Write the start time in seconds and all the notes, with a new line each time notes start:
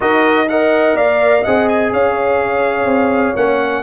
0.00 D#4 F#4 A#4 D#5
0.48 A#4 D#5 F#5
0.94 A#3 D5 F5
1.42 C4 G#4 D#5 F#5
1.68 G#5
1.92 C#4 C#5 F5
2.84 C4
3.36 A#3 C#4 F#5